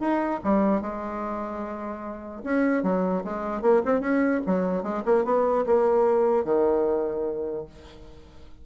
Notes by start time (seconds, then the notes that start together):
0.00 D#4
0.44 G3
0.81 G#3
2.44 C#4
2.83 F#3
3.24 G#3
3.62 A#3
3.85 C4
4.01 C#4
4.46 F#3
4.83 G#3
5.05 A#3
5.25 B3
5.66 A#3
6.44 D#3